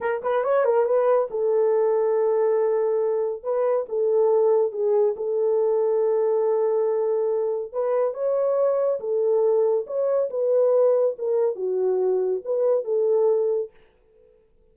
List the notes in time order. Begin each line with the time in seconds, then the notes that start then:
0.01 A#4
0.23 B4
0.43 C#5
0.64 A#4
0.85 B4
1.30 A4
3.43 B4
3.88 A4
4.71 G#4
5.16 A4
7.72 B4
8.14 C#5
9.00 A4
9.86 C#5
10.30 B4
11.18 A#4
11.55 F#4
12.44 B4
12.84 A4